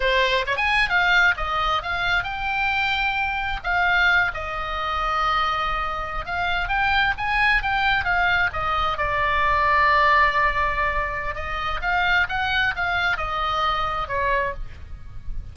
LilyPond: \new Staff \with { instrumentName = "oboe" } { \time 4/4 \tempo 4 = 132 c''4 cis''16 gis''8. f''4 dis''4 | f''4 g''2. | f''4. dis''2~ dis''8~ | dis''4.~ dis''16 f''4 g''4 gis''16~ |
gis''8. g''4 f''4 dis''4 d''16~ | d''1~ | d''4 dis''4 f''4 fis''4 | f''4 dis''2 cis''4 | }